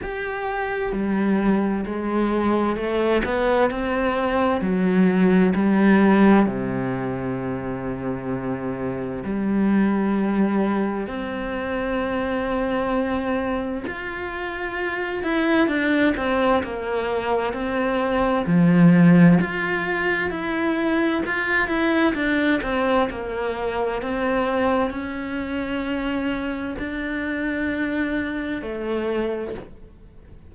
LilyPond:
\new Staff \with { instrumentName = "cello" } { \time 4/4 \tempo 4 = 65 g'4 g4 gis4 a8 b8 | c'4 fis4 g4 c4~ | c2 g2 | c'2. f'4~ |
f'8 e'8 d'8 c'8 ais4 c'4 | f4 f'4 e'4 f'8 e'8 | d'8 c'8 ais4 c'4 cis'4~ | cis'4 d'2 a4 | }